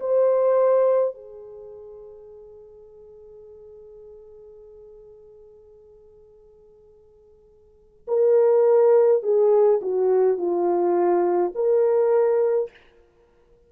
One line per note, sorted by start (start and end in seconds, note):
0.00 1.14 C5
1.14 8.07 G#4
8.08 9.23 A#4
9.23 9.81 G#4
9.82 10.37 F#4
10.37 11.53 F4
11.55 12.70 A#4